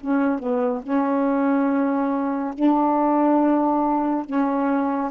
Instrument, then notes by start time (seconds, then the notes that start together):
saxophone
0.00 C#4
0.39 B3
0.83 C#4
2.54 D4
4.25 C#4